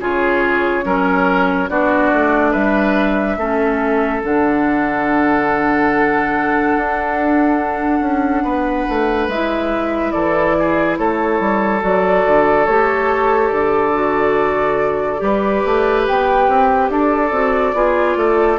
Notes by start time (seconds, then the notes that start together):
0.00 C#3 F4 G#4 C#5
0.84 F#3 C#4 A#4
1.70 B3 D4 F#4 D5
2.13 A3
2.51 G3 B4 E5
3.37 A3 C#4 A4
4.23 D3 D4 F#5
6.77 D4
8.01 C#4
8.43 B3 B4
8.89 A3
9.28 G#3 E4 E5
10.11 E3 A4 D5
10.60 G#4
10.98 A3 A4 C#5
11.40 G3
11.81 F#3 F#4 D5
12.26 D3
12.66 A3 G4 C#5
13.49 D3 D5
13.94 F#4
15.18 G3 G4
15.24 B4
15.66 A3
16.08 B3 G5
16.48 C4
16.90 D4 A4 D5
17.32 C4 F#4
17.74 B3 F4 G#4
18.17 A3 A4